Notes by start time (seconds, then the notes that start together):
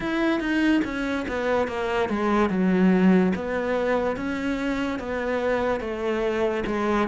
0.00 E4
0.39 D#4
0.84 C#4
1.28 B3
1.67 A#3
2.09 G#3
2.49 F#3
3.35 B3
4.16 C#4
4.98 B3
5.80 A3
6.66 G#3